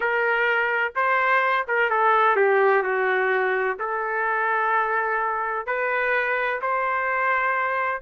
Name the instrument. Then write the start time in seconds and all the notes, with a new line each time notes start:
trumpet
0.00 A#4
0.95 C5
1.67 A#4
1.90 A4
2.36 G4
2.82 F#4
3.79 A4
5.66 B4
6.61 C5